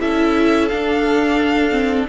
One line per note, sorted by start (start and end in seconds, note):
0.00 0.70 C#4
0.00 0.69 E4
0.00 2.07 A4
0.00 0.68 E5
0.68 1.70 D4
0.68 2.09 D4
0.68 2.06 F5
1.70 2.05 C4